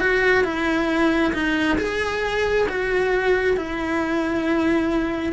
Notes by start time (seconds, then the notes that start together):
0.00 F#4
0.44 E4
1.34 D#4
1.78 G#4
2.69 F#4
3.57 E4